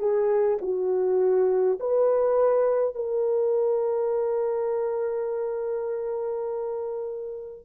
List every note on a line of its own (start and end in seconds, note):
0.00 0.59 G#4
0.62 1.80 F#4
1.80 2.95 B4
2.95 7.66 A#4